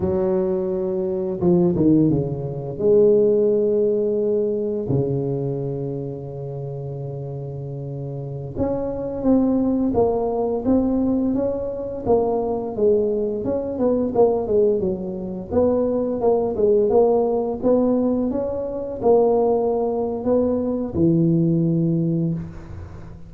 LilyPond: \new Staff \with { instrumentName = "tuba" } { \time 4/4 \tempo 4 = 86 fis2 f8 dis8 cis4 | gis2. cis4~ | cis1~ | cis16 cis'4 c'4 ais4 c'8.~ |
c'16 cis'4 ais4 gis4 cis'8 b16~ | b16 ais8 gis8 fis4 b4 ais8 gis16~ | gis16 ais4 b4 cis'4 ais8.~ | ais4 b4 e2 | }